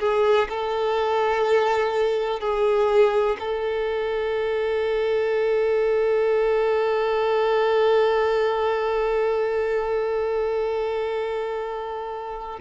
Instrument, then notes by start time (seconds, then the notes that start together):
violin
0.00 G#4
0.49 A4
2.40 G#4
3.40 A4